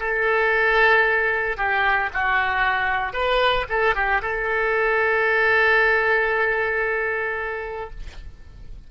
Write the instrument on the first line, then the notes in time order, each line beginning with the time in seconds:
oboe
0.00 A4
1.57 G4
2.14 F#4
3.13 B4
3.69 A4
3.95 G4
4.22 A4